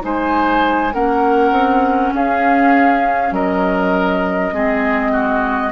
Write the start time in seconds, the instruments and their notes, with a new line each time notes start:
0.00 bassoon G#3, clarinet D#4, oboe C5, flute G#5
0.93 bassoon A#3, clarinet C#4, oboe A#4, flute F#5
1.51 bassoon C4
2.13 bassoon C#4, oboe G#4, flute F5
3.31 bassoon F#3, oboe A#4, flute D#5
4.52 bassoon G#3, clarinet C4, oboe G#4
5.12 oboe F#4